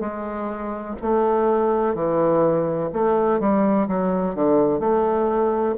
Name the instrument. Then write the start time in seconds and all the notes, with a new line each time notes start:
bassoon
0.00 G#3
1.02 A3
1.95 E3
2.93 A3
3.40 G3
3.88 F#3
4.35 D3
4.80 A3